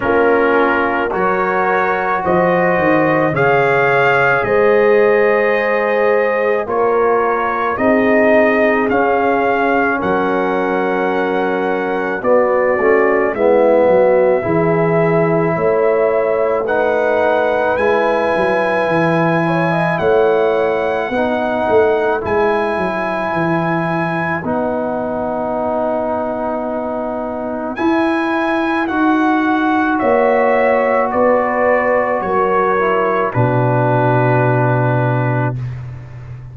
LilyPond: <<
  \new Staff \with { instrumentName = "trumpet" } { \time 4/4 \tempo 4 = 54 ais'4 cis''4 dis''4 f''4 | dis''2 cis''4 dis''4 | f''4 fis''2 d''4 | e''2. fis''4 |
gis''2 fis''2 | gis''2 fis''2~ | fis''4 gis''4 fis''4 e''4 | d''4 cis''4 b'2 | }
  \new Staff \with { instrumentName = "horn" } { \time 4/4 f'4 ais'4 c''4 cis''4 | c''2 ais'4 gis'4~ | gis'4 ais'2 fis'4 | e'8 fis'8 gis'4 cis''4 b'4~ |
b'4. cis''16 dis''16 cis''4 b'4~ | b'1~ | b'2. cis''4 | b'4 ais'4 fis'2 | }
  \new Staff \with { instrumentName = "trombone" } { \time 4/4 cis'4 fis'2 gis'4~ | gis'2 f'4 dis'4 | cis'2. b8 cis'8 | b4 e'2 dis'4 |
e'2. dis'4 | e'2 dis'2~ | dis'4 e'4 fis'2~ | fis'4. e'8 d'2 | }
  \new Staff \with { instrumentName = "tuba" } { \time 4/4 ais4 fis4 f8 dis8 cis4 | gis2 ais4 c'4 | cis'4 fis2 b8 a8 | gis8 fis8 e4 a2 |
gis8 fis8 e4 a4 b8 a8 | gis8 fis8 e4 b2~ | b4 e'4 dis'4 ais4 | b4 fis4 b,2 | }
>>